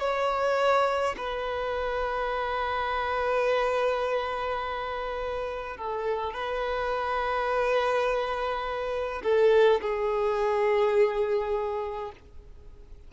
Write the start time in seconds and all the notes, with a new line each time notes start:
0.00 C#5
1.17 B4
5.77 A4
6.34 B4
9.23 A4
9.81 G#4